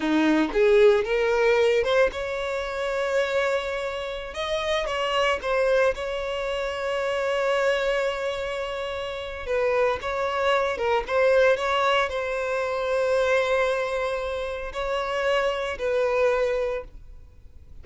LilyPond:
\new Staff \with { instrumentName = "violin" } { \time 4/4 \tempo 4 = 114 dis'4 gis'4 ais'4. c''8 | cis''1~ | cis''16 dis''4 cis''4 c''4 cis''8.~ | cis''1~ |
cis''2 b'4 cis''4~ | cis''8 ais'8 c''4 cis''4 c''4~ | c''1 | cis''2 b'2 | }